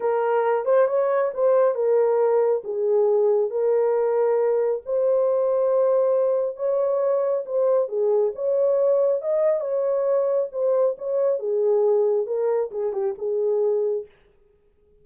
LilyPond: \new Staff \with { instrumentName = "horn" } { \time 4/4 \tempo 4 = 137 ais'4. c''8 cis''4 c''4 | ais'2 gis'2 | ais'2. c''4~ | c''2. cis''4~ |
cis''4 c''4 gis'4 cis''4~ | cis''4 dis''4 cis''2 | c''4 cis''4 gis'2 | ais'4 gis'8 g'8 gis'2 | }